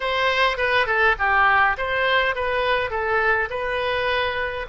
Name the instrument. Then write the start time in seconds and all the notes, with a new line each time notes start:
oboe
0.00 C5
0.57 B4
0.86 A4
1.18 G4
1.77 C5
2.35 B4
2.90 A4
3.50 B4